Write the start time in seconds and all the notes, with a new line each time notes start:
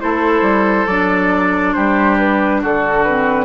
0.00 A3 E4 A4 C5
0.42 G3
0.87 F#3 D4 D5
1.73 G3 G4 C5
2.18 B4
2.61 D3 F#4 A4
3.03 C4 B4